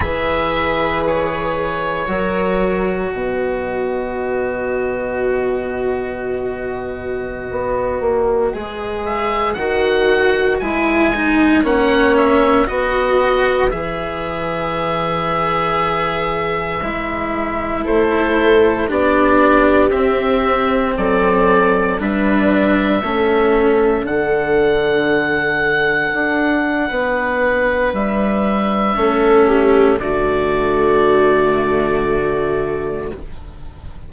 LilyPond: <<
  \new Staff \with { instrumentName = "oboe" } { \time 4/4 \tempo 4 = 58 e''4 cis''2 dis''4~ | dis''1~ | dis''8. e''8 fis''4 gis''4 fis''8 e''16~ | e''16 dis''4 e''2~ e''8.~ |
e''4~ e''16 c''4 d''4 e''8.~ | e''16 d''4 e''2 fis''8.~ | fis''2. e''4~ | e''4 d''2. | }
  \new Staff \with { instrumentName = "viola" } { \time 4/4 b'2 ais'4 b'4~ | b'1~ | b'2.~ b'16 cis''8.~ | cis''16 b'2.~ b'8.~ |
b'4~ b'16 a'4 g'4.~ g'16~ | g'16 a'4 b'4 a'4.~ a'16~ | a'2 b'2 | a'8 g'8 fis'2. | }
  \new Staff \with { instrumentName = "cello" } { \time 4/4 gis'2 fis'2~ | fis'1~ | fis'16 gis'4 fis'4 e'8 dis'8 cis'8.~ | cis'16 fis'4 gis'2~ gis'8.~ |
gis'16 e'2 d'4 c'8.~ | c'4~ c'16 d'4 cis'4 d'8.~ | d'1 | cis'4 a2. | }
  \new Staff \with { instrumentName = "bassoon" } { \time 4/4 e2 fis4 b,4~ | b,2.~ b,16 b8 ais16~ | ais16 gis4 dis4 gis4 ais8.~ | ais16 b4 e2~ e8.~ |
e16 gis4 a4 b4 c'8.~ | c'16 fis4 g4 a4 d8.~ | d4~ d16 d'8. b4 g4 | a4 d2. | }
>>